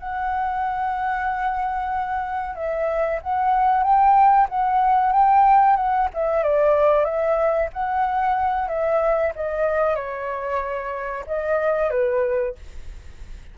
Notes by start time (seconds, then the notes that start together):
0.00 F#5
2.56 E5
3.22 F#5
3.84 G5
4.50 F#5
5.13 G5
5.77 F#5
6.14 E5
6.43 D5
7.05 E5
7.73 F#5
8.69 E5
9.36 D#5
9.96 C#5
11.27 D#5
11.91 B4